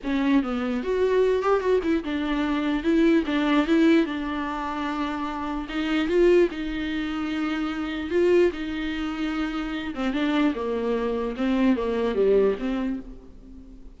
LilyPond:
\new Staff \with { instrumentName = "viola" } { \time 4/4 \tempo 4 = 148 cis'4 b4 fis'4. g'8 | fis'8 e'8 d'2 e'4 | d'4 e'4 d'2~ | d'2 dis'4 f'4 |
dis'1 | f'4 dis'2.~ | dis'8 c'8 d'4 ais2 | c'4 ais4 g4 c'4 | }